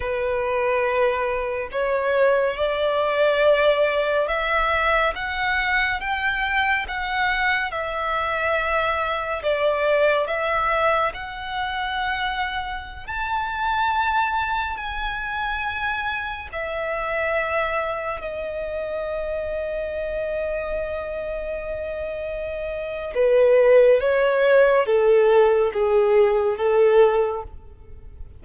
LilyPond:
\new Staff \with { instrumentName = "violin" } { \time 4/4 \tempo 4 = 70 b'2 cis''4 d''4~ | d''4 e''4 fis''4 g''4 | fis''4 e''2 d''4 | e''4 fis''2~ fis''16 a''8.~ |
a''4~ a''16 gis''2 e''8.~ | e''4~ e''16 dis''2~ dis''8.~ | dis''2. b'4 | cis''4 a'4 gis'4 a'4 | }